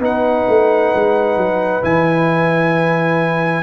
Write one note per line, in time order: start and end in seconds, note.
0.00 0.45 B3
0.00 1.82 D#4
0.00 3.63 B4
0.00 1.84 F#5
0.48 0.94 A3
0.95 1.37 G#3
1.37 1.82 F#3
1.82 3.63 E3
1.82 3.63 E4
1.82 3.63 G#5